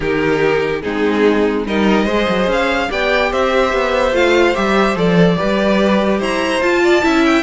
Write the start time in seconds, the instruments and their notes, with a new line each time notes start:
0.00 cello D#3, viola D#4, violin G4 A#4
0.81 cello G#3, viola C4, violin D#4 G#4
1.66 cello G3, viola D#4, violin A#4 D#5
2.05 cello G#3, viola G#4, violin C5
2.28 cello F#3
2.47 cello C#4, violin F5
2.89 cello B3, viola G4, violin D5 G5
3.31 cello C4, violin C5 E5
3.72 cello B3
4.12 cello A3, viola F4, violin F5
4.54 cello G3, viola G4, violin E5
4.95 cello F3, viola A4, violin D5
5.36 cello G3, viola G4, violin B4
6.19 cello E4, violin C5 A#5
6.61 cello F4, viola F4, violin A5
6.83 violin D5
7.02 cello C#4, viola E4, violin E5
7.25 violin G5